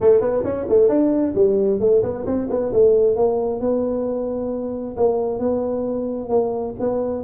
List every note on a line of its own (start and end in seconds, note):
0.00 0.20 A3
0.20 0.43 B3
0.43 0.66 C#4
0.68 0.88 A3
0.88 1.33 D4
1.35 1.80 G3
1.80 2.02 A3
2.02 2.25 B3
2.26 2.48 C4
2.50 2.72 B3
2.72 3.16 A3
3.16 3.60 A#3
3.60 4.95 B3
4.96 5.39 A#3
5.39 6.29 B3
6.29 6.74 A#3
6.79 7.23 B3